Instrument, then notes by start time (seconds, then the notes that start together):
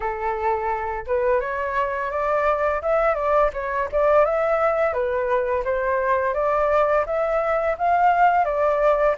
flute
0.00 A4
1.06 B4
1.40 C#5
2.10 D5
2.82 E5
3.14 D5
3.53 C#5
3.91 D5
4.25 E5
4.93 B4
5.64 C5
6.34 D5
7.06 E5
7.78 F5
8.44 D5